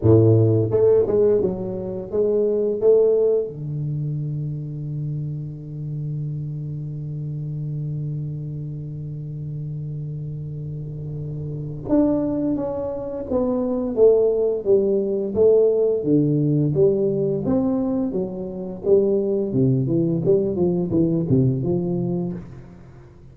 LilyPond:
\new Staff \with { instrumentName = "tuba" } { \time 4/4 \tempo 4 = 86 a,4 a8 gis8 fis4 gis4 | a4 d2.~ | d1~ | d1~ |
d4 d'4 cis'4 b4 | a4 g4 a4 d4 | g4 c'4 fis4 g4 | c8 e8 g8 f8 e8 c8 f4 | }